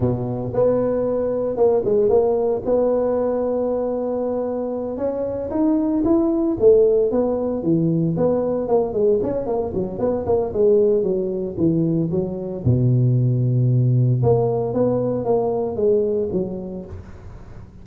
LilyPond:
\new Staff \with { instrumentName = "tuba" } { \time 4/4 \tempo 4 = 114 b,4 b2 ais8 gis8 | ais4 b2.~ | b4. cis'4 dis'4 e'8~ | e'8 a4 b4 e4 b8~ |
b8 ais8 gis8 cis'8 ais8 fis8 b8 ais8 | gis4 fis4 e4 fis4 | b,2. ais4 | b4 ais4 gis4 fis4 | }